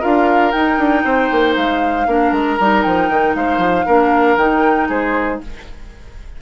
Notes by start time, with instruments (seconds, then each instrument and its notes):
0.00 bassoon D4, clarinet F4, oboe A#4, flute F5
0.51 bassoon D#4, clarinet D#4, flute G5
0.78 bassoon D4
1.04 bassoon C4, oboe C5
1.31 bassoon A#3
1.56 bassoon G#3, flute F5
2.07 bassoon A#3, clarinet D4, oboe A#4
2.32 bassoon G#3, flute A#5
2.59 bassoon G3, clarinet D#4
2.83 bassoon F3, flute G5
3.09 bassoon D#3
3.35 bassoon G#3, oboe C5, flute F5
3.57 bassoon F3
3.86 bassoon A#3, clarinet D4, oboe A#4
4.37 bassoon D#3, clarinet D#4, flute G5
4.88 bassoon G#3, oboe G#4, flute C5